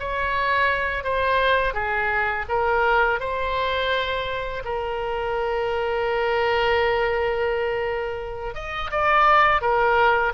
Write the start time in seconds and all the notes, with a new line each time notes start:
0.00 C#5
1.04 C5
1.74 G#4
2.49 A#4
3.20 C5
4.65 A#4
8.55 D#5
8.91 D5
9.62 A#4